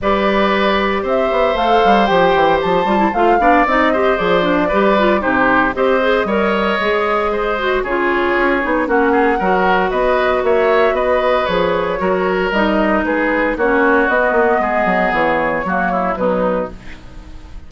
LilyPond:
<<
  \new Staff \with { instrumentName = "flute" } { \time 4/4 \tempo 4 = 115 d''2 e''4 f''4 | g''4 a''4 f''4 dis''4 | d''2 c''4 dis''4~ | dis''2. cis''4~ |
cis''4 fis''2 dis''4 | e''4 dis''4 cis''2 | dis''4 b'4 cis''4 dis''4~ | dis''4 cis''2 b'4 | }
  \new Staff \with { instrumentName = "oboe" } { \time 4/4 b'2 c''2~ | c''2~ c''8 d''4 c''8~ | c''4 b'4 g'4 c''4 | cis''2 c''4 gis'4~ |
gis'4 fis'8 gis'8 ais'4 b'4 | cis''4 b'2 ais'4~ | ais'4 gis'4 fis'2 | gis'2 fis'8 e'8 dis'4 | }
  \new Staff \with { instrumentName = "clarinet" } { \time 4/4 g'2. a'4 | g'4. f'16 e'16 f'8 d'8 dis'8 g'8 | gis'8 d'8 g'8 f'8 dis'4 g'8 gis'8 | ais'4 gis'4. fis'8 f'4~ |
f'8 dis'8 cis'4 fis'2~ | fis'2 gis'4 fis'4 | dis'2 cis'4 b4~ | b2 ais4 fis4 | }
  \new Staff \with { instrumentName = "bassoon" } { \time 4/4 g2 c'8 b8 a8 g8 | f8 e8 f8 g8 a8 b8 c'4 | f4 g4 c4 c'4 | g4 gis2 cis4 |
cis'8 b8 ais4 fis4 b4 | ais4 b4 f4 fis4 | g4 gis4 ais4 b8 ais8 | gis8 fis8 e4 fis4 b,4 | }
>>